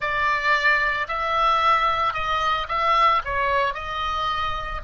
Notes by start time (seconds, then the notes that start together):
0.00 D5
1.08 E5
2.13 D#5
2.68 E5
3.24 C#5
3.74 D#5